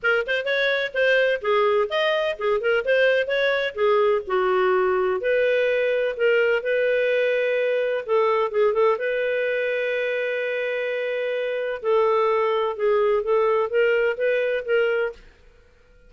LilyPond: \new Staff \with { instrumentName = "clarinet" } { \time 4/4 \tempo 4 = 127 ais'8 c''8 cis''4 c''4 gis'4 | dis''4 gis'8 ais'8 c''4 cis''4 | gis'4 fis'2 b'4~ | b'4 ais'4 b'2~ |
b'4 a'4 gis'8 a'8 b'4~ | b'1~ | b'4 a'2 gis'4 | a'4 ais'4 b'4 ais'4 | }